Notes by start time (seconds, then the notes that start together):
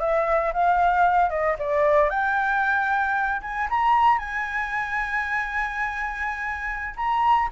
0.00 E5
0.53 F5
1.30 D#5
1.59 D5
2.10 G5
3.42 G#5
3.70 A#5
4.18 G#5
6.96 A#5